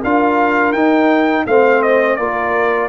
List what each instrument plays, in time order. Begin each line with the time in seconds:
0.00 tuba D4, trombone F4, horn A#4, trumpet F5
0.72 tuba D#4, trombone D#4, trumpet G5
1.46 tuba A3, trombone C4, horn C5, trumpet F5
1.82 trumpet D#5
2.16 tuba A#3, trombone F4, horn A#4, trumpet D5